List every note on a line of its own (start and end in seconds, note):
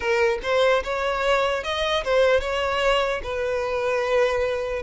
0.00 0.38 A#4
0.42 0.83 C5
0.83 1.63 C#5
1.63 2.03 D#5
2.04 2.40 C5
2.40 3.21 C#5
3.23 4.82 B4